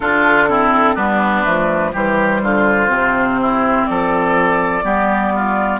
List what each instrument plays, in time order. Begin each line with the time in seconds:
0.00 bassoon D3, clarinet D4, oboe F4, flute A4
0.49 clarinet C4, oboe E4
0.95 bassoon G3, clarinet B3, oboe D4, flute B4
1.44 bassoon F3, clarinet A3
1.92 bassoon E3, clarinet G3, oboe G4, flute C5
2.42 bassoon D3, oboe F4
2.88 bassoon C3, clarinet C4
3.41 oboe E4
3.85 bassoon F3, oboe A4, flute D5
4.83 bassoon G3, clarinet B3, oboe G4
5.35 oboe F4